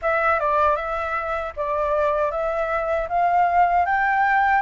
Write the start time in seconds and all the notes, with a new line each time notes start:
0.02 E5
0.39 D5
0.76 E5
1.56 D5
2.31 E5
3.08 F5
3.85 G5